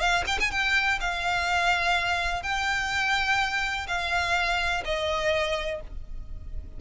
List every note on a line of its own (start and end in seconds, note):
0.00 0.24 F5
0.27 0.39 G5
0.40 0.51 G#5
0.51 0.99 G5
1.01 2.43 F5
2.43 3.87 G5
3.88 4.84 F5
4.85 5.81 D#5